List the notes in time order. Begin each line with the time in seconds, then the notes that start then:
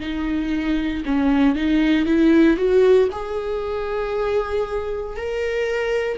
0.00 D#4
1.06 C#4
1.56 D#4
2.06 E4
2.57 F#4
3.12 G#4
5.17 A#4